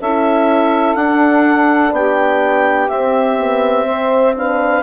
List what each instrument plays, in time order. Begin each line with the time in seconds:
0.00 bassoon C#4, horn E4, saxophone A4, clarinet E5
0.95 bassoon D4, horn D4, clarinet F#5
1.92 bassoon B3, saxophone G4, clarinet G5
2.89 bassoon C4, horn C4, clarinet E5
3.38 horn B3
3.86 horn C4, saxophone C5
4.36 horn D4, saxophone B4, clarinet F5